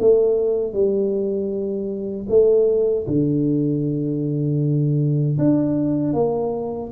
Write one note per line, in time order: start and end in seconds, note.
0.00 0.72 A3
0.72 2.26 G3
2.29 3.06 A3
3.07 5.37 D3
5.38 6.13 D4
6.13 6.90 A#3